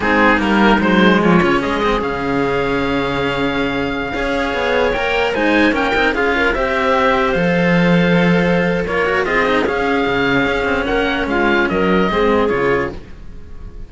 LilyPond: <<
  \new Staff \with { instrumentName = "oboe" } { \time 4/4 \tempo 4 = 149 gis'4 ais'4 c''4 cis''4 | dis''4 f''2.~ | f''1~ | f''16 g''4 gis''4 g''4 f''8.~ |
f''16 e''2 f''4.~ f''16~ | f''2 cis''4 dis''4 | f''2. fis''4 | f''4 dis''2 cis''4 | }
  \new Staff \with { instrumentName = "clarinet" } { \time 4/4 dis'2. f'4 | gis'1~ | gis'2~ gis'16 cis''4.~ cis''16~ | cis''4~ cis''16 c''4 ais'4 gis'8 ais'16~ |
ais'16 c''2.~ c''8.~ | c''2 ais'4 gis'4~ | gis'2. ais'4 | f'4 ais'4 gis'2 | }
  \new Staff \with { instrumentName = "cello" } { \time 4/4 c'4 ais4 gis4. cis'8~ | cis'8 c'8 cis'2.~ | cis'2~ cis'16 gis'4.~ gis'16~ | gis'16 ais'4 dis'4 cis'8 dis'8 f'8.~ |
f'16 g'2 a'4.~ a'16~ | a'2 f'8 fis'8 f'8 dis'8 | cis'1~ | cis'2 c'4 f'4 | }
  \new Staff \with { instrumentName = "cello" } { \time 4/4 gis4 g4 fis4 f8 cis8 | gis4 cis2.~ | cis2~ cis16 cis'4 b8.~ | b16 ais4 gis4 ais8 c'8 cis'8.~ |
cis'16 c'2 f4.~ f16~ | f2 ais4 c'4 | cis'4 cis4 cis'8 c'8 ais4 | gis4 fis4 gis4 cis4 | }
>>